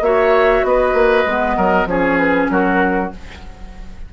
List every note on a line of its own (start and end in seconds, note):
0.00 0.62 A#3
0.00 1.26 F#4
0.00 0.66 C#5
0.00 0.64 E5
0.63 0.93 B3
0.63 1.56 B4
0.63 1.88 D#5
0.93 1.24 A#3
1.25 1.56 G#3
1.25 1.87 B3
1.56 1.85 F#3
1.56 1.87 A#4
1.85 2.47 F3
1.85 3.11 C#4
1.85 2.51 G#4
1.85 2.17 C#5
2.17 2.48 B4
2.49 3.11 F#3
2.49 3.13 F#4
2.49 3.12 A#4